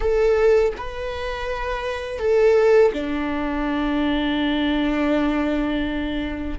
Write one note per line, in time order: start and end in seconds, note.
0.00 0.73 A4
0.77 2.18 B4
2.18 2.91 A4
2.92 6.58 D4